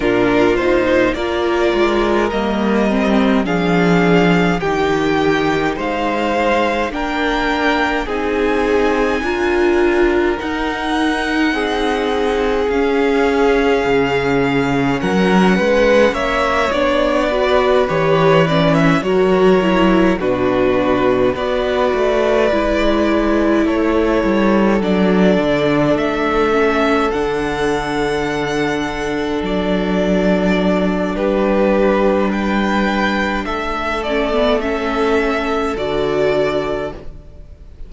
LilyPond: <<
  \new Staff \with { instrumentName = "violin" } { \time 4/4 \tempo 4 = 52 ais'8 c''8 d''4 dis''4 f''4 | g''4 f''4 g''4 gis''4~ | gis''4 fis''2 f''4~ | f''4 fis''4 e''8 d''4 cis''8 |
d''16 e''16 cis''4 b'4 d''4.~ | d''8 cis''4 d''4 e''4 fis''8~ | fis''4. d''4. b'4 | g''4 e''8 d''8 e''4 d''4 | }
  \new Staff \with { instrumentName = "violin" } { \time 4/4 f'4 ais'2 gis'4 | g'4 c''4 ais'4 gis'4 | ais'2 gis'2~ | gis'4 ais'8 b'8 cis''4 b'4~ |
b'8 ais'4 fis'4 b'4.~ | b'8 a'2.~ a'8~ | a'2. g'4 | b'4 a'2. | }
  \new Staff \with { instrumentName = "viola" } { \time 4/4 d'8 dis'8 f'4 ais8 c'8 d'4 | dis'2 d'4 dis'4 | f'4 dis'2 cis'4~ | cis'2~ cis'8 d'8 fis'8 g'8 |
cis'8 fis'8 e'8 d'4 fis'4 e'8~ | e'4. d'4. cis'8 d'8~ | d'1~ | d'4. cis'16 b16 cis'4 fis'4 | }
  \new Staff \with { instrumentName = "cello" } { \time 4/4 ais,4 ais8 gis8 g4 f4 | dis4 gis4 ais4 c'4 | d'4 dis'4 c'4 cis'4 | cis4 fis8 gis8 ais8 b4 e8~ |
e8 fis4 b,4 b8 a8 gis8~ | gis8 a8 g8 fis8 d8 a4 d8~ | d4. fis4. g4~ | g4 a2 d4 | }
>>